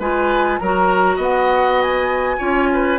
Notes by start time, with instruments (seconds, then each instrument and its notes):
0.00 bassoon G#3, clarinet F4, oboe B4, flute G#5
0.59 bassoon F#3, clarinet F#4, oboe A#4, flute A#5
1.17 bassoon B3, oboe D#5
1.23 flute F#5
1.82 flute G#5
2.39 bassoon C#4, clarinet F4, oboe C#5
2.74 oboe B4